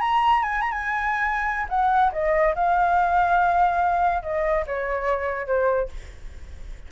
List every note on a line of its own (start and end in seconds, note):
0.00 0.42 A#5
0.42 0.61 G#5
0.61 0.71 A#5
0.71 1.66 G#5
1.69 2.11 F#5
2.12 2.54 D#5
2.54 4.22 F5
4.22 4.65 D#5
4.66 5.46 C#5
5.46 5.88 C5